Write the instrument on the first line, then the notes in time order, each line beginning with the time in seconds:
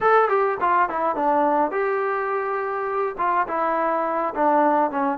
trombone
0.00 A4
0.29 G4
0.60 F4
0.89 E4
1.15 D4
1.71 G4
3.18 F4
3.47 E4
4.35 D4
4.90 C#4